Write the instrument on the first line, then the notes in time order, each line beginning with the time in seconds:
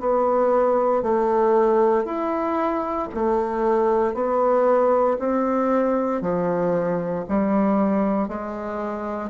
bassoon
0.00 B3
1.03 A3
2.05 E4
3.14 A3
4.14 B3
5.19 C4
6.21 F3
7.28 G3
8.28 G#3